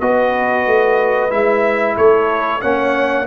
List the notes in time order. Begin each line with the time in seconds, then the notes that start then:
0.00 B3 F#4 B4 D#5
0.66 A3
1.30 G#3 E4 E5
1.97 A3 A4 C#5
2.61 A#3 C#4 C#5 F#5